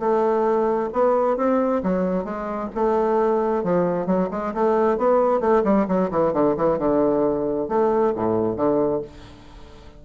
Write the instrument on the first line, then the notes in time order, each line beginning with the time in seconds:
bassoon
0.00 A3
0.93 B3
1.37 C4
1.84 F#3
2.25 G#3
2.75 A3
3.64 F3
4.07 F#3
4.31 G#3
4.55 A3
4.98 B3
5.41 A3
5.65 G3
5.89 F#3
6.11 E3
6.34 D3
6.57 E3
6.79 D3
7.69 A3
8.16 A2
8.57 D3